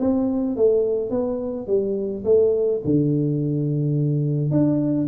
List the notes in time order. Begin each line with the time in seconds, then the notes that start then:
0.00 C4
0.56 A3
1.10 B3
1.67 G3
2.25 A3
2.85 D3
4.51 D4